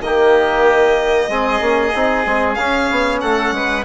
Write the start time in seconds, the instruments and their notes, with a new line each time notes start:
0.00 bassoon D#3, trombone A#3, oboe G4, violin D#5
1.28 bassoon G#3, trombone C4, oboe G#4
1.61 bassoon A#3, trombone C#4
1.94 bassoon C4, trombone D#4
2.25 bassoon G#3, trombone C4
2.54 bassoon C#4, trombone C#4, violin F5
2.90 bassoon B3
3.21 bassoon A3, oboe A4, violin F#5
3.51 bassoon G#3, oboe B4